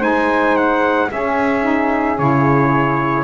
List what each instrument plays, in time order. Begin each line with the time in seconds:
0.00 double bass G#3, saxophone D#4, flute C5, trumpet G#5
0.56 trumpet F#5
1.11 double bass C#4, saxophone C#4, flute G#4, trumpet E5
1.62 saxophone D#4
2.18 double bass C#3, saxophone E4, trumpet C#5